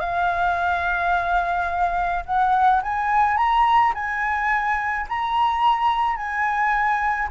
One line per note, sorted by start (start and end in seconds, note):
0.00 2.24 F5
2.26 2.82 F#5
2.82 3.37 G#5
3.37 3.93 A#5
3.94 5.06 G#5
5.08 6.16 A#5
6.16 7.28 G#5